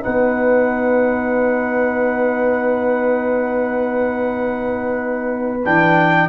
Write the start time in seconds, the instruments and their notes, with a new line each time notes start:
0.00 trombone D#4, horn B4, trumpet F#5
0.06 tuba B3
5.65 tuba E3, trombone D4, trumpet G5